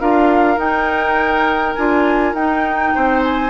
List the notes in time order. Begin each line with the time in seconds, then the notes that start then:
0.00 D4 F4 A#4 F5
0.57 D#4 G5
1.75 D4 F4 G#5
2.34 D#4 G5
2.95 C4 C5
3.24 G#5